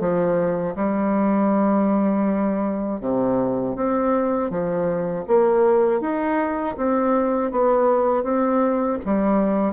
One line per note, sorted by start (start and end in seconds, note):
0.00 0.75 F3
0.75 3.00 G3
3.01 3.76 C3
3.76 4.50 C4
4.50 5.25 F3
5.27 6.01 A#3
6.01 6.76 D#4
6.77 7.51 C4
7.51 8.24 B3
8.24 8.99 C4
9.05 9.73 G3